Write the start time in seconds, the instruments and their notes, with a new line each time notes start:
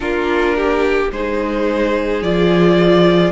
0.00 cello A#3, viola D4, violin F4 A#4
0.56 violin G4
1.11 cello G#3, viola D#4, violin G#4 C5
2.22 cello F3, viola F4, violin D5